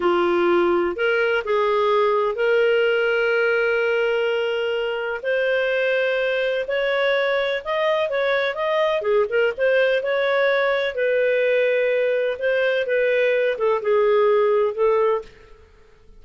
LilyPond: \new Staff \with { instrumentName = "clarinet" } { \time 4/4 \tempo 4 = 126 f'2 ais'4 gis'4~ | gis'4 ais'2.~ | ais'2. c''4~ | c''2 cis''2 |
dis''4 cis''4 dis''4 gis'8 ais'8 | c''4 cis''2 b'4~ | b'2 c''4 b'4~ | b'8 a'8 gis'2 a'4 | }